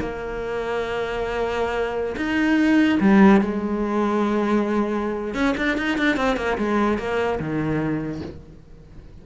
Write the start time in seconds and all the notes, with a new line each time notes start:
0.00 A#3
2.17 D#4
3.01 G3
3.41 G#3
5.34 C#4
5.57 D4
5.77 D#4
5.98 D4
6.17 C4
6.37 A#3
6.58 G#3
6.98 A#3
7.40 D#3